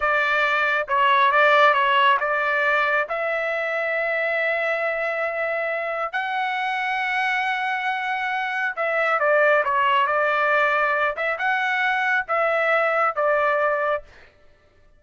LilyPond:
\new Staff \with { instrumentName = "trumpet" } { \time 4/4 \tempo 4 = 137 d''2 cis''4 d''4 | cis''4 d''2 e''4~ | e''1~ | e''2 fis''2~ |
fis''1 | e''4 d''4 cis''4 d''4~ | d''4. e''8 fis''2 | e''2 d''2 | }